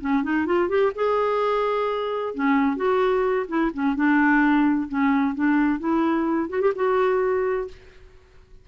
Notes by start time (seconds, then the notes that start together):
0.00 C#4
0.23 D#4
0.46 F4
0.68 G4
0.95 G#4
2.34 C#4
2.76 F#4
3.48 E4
3.73 C#4
3.95 D4
4.88 C#4
5.34 D4
5.79 E4
6.49 F#4
6.61 G4
6.75 F#4